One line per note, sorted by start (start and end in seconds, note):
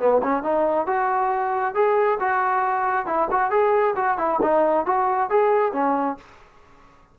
0.00 0.22 B3
0.23 0.43 C#4
0.43 0.87 D#4
0.87 1.75 F#4
1.75 2.19 G#4
2.20 3.07 F#4
3.07 3.29 E4
3.31 3.51 F#4
3.51 3.95 G#4
3.96 4.18 F#4
4.18 4.40 E4
4.42 4.86 D#4
4.86 5.30 F#4
5.30 5.73 G#4
5.73 6.17 C#4